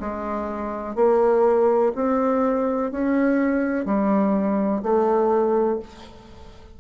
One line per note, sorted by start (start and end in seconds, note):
0.00 0.95 G#3
0.95 1.92 A#3
1.95 2.92 C4
2.92 3.85 C#4
3.85 4.82 G3
4.83 5.80 A3